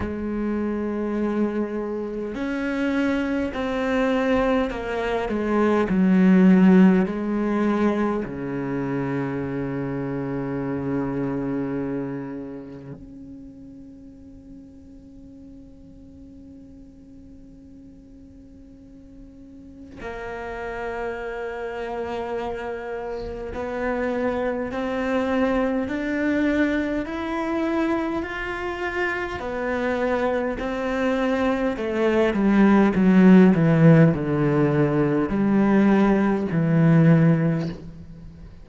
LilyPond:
\new Staff \with { instrumentName = "cello" } { \time 4/4 \tempo 4 = 51 gis2 cis'4 c'4 | ais8 gis8 fis4 gis4 cis4~ | cis2. cis'4~ | cis'1~ |
cis'4 ais2. | b4 c'4 d'4 e'4 | f'4 b4 c'4 a8 g8 | fis8 e8 d4 g4 e4 | }